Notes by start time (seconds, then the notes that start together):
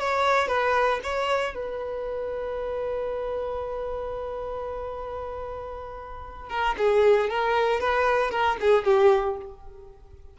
0.00 C#5
0.48 B4
1.04 C#5
1.55 B4
6.50 A#4
6.78 G#4
7.30 A#4
7.80 B4
8.31 A#4
8.61 G#4
8.85 G4